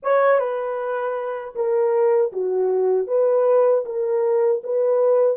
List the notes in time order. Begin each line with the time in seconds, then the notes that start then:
0.02 C#5
0.39 B4
1.55 A#4
2.32 F#4
3.07 B4
3.85 A#4
4.63 B4